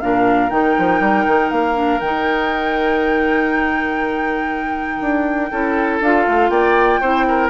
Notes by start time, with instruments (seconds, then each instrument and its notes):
0.00 bassoon A#2, clarinet D4, oboe A#4, flute F5
0.49 bassoon D#3, clarinet D#4, flute G5
0.78 bassoon F3
1.00 bassoon G3
1.27 bassoon D#3
1.50 bassoon A#3, flute F5
1.74 clarinet D4
1.99 bassoon D#3, clarinet D#4, flute G5
5.00 bassoon D4
5.51 bassoon C#4, clarinet E4, oboe A4
6.00 bassoon D4, clarinet F4, flute F5
6.27 bassoon A3
6.49 bassoon A#3, oboe D5, flute G5
7.00 bassoon C4, clarinet E4, oboe C5
7.28 oboe A#4